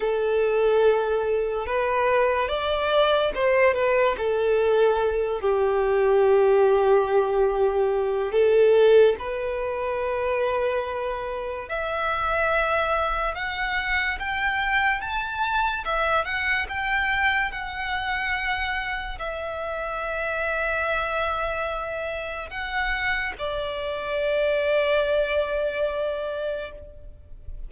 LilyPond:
\new Staff \with { instrumentName = "violin" } { \time 4/4 \tempo 4 = 72 a'2 b'4 d''4 | c''8 b'8 a'4. g'4.~ | g'2 a'4 b'4~ | b'2 e''2 |
fis''4 g''4 a''4 e''8 fis''8 | g''4 fis''2 e''4~ | e''2. fis''4 | d''1 | }